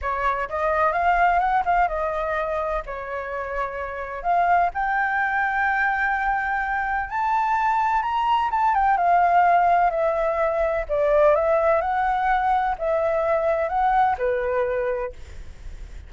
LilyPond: \new Staff \with { instrumentName = "flute" } { \time 4/4 \tempo 4 = 127 cis''4 dis''4 f''4 fis''8 f''8 | dis''2 cis''2~ | cis''4 f''4 g''2~ | g''2. a''4~ |
a''4 ais''4 a''8 g''8 f''4~ | f''4 e''2 d''4 | e''4 fis''2 e''4~ | e''4 fis''4 b'2 | }